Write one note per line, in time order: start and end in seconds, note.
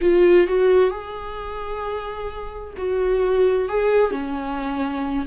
0.01 0.47 F4
0.47 0.90 F#4
0.90 2.73 G#4
2.77 3.68 F#4
3.68 4.11 G#4
4.11 5.25 C#4